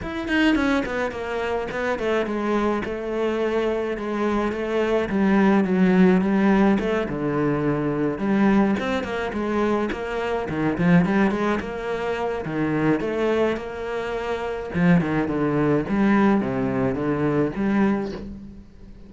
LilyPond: \new Staff \with { instrumentName = "cello" } { \time 4/4 \tempo 4 = 106 e'8 dis'8 cis'8 b8 ais4 b8 a8 | gis4 a2 gis4 | a4 g4 fis4 g4 | a8 d2 g4 c'8 |
ais8 gis4 ais4 dis8 f8 g8 | gis8 ais4. dis4 a4 | ais2 f8 dis8 d4 | g4 c4 d4 g4 | }